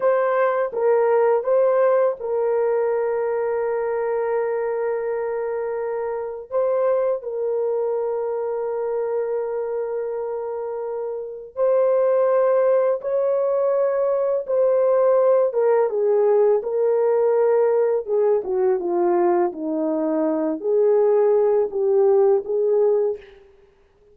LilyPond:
\new Staff \with { instrumentName = "horn" } { \time 4/4 \tempo 4 = 83 c''4 ais'4 c''4 ais'4~ | ais'1~ | ais'4 c''4 ais'2~ | ais'1 |
c''2 cis''2 | c''4. ais'8 gis'4 ais'4~ | ais'4 gis'8 fis'8 f'4 dis'4~ | dis'8 gis'4. g'4 gis'4 | }